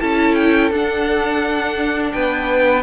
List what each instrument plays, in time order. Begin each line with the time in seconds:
0.00 cello C#4, viola E4, violin A4 A5
0.34 violin G5
0.71 cello D4, viola D4, violin F#5
2.12 cello B3, violin B4 G5